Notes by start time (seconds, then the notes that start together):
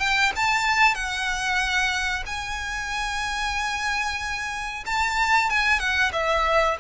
0.00 G5
0.36 A5
0.95 F#5
2.26 G#5
4.86 A5
5.50 G#5
5.79 F#5
6.13 E5